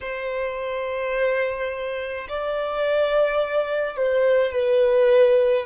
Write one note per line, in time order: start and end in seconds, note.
0.01 2.27 C5
2.28 3.96 D5
3.96 4.52 C5
4.52 5.65 B4